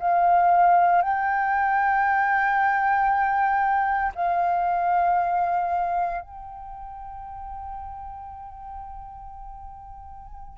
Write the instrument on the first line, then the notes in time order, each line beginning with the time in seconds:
flute
0.00 F5
1.03 G5
4.16 F5
6.22 G5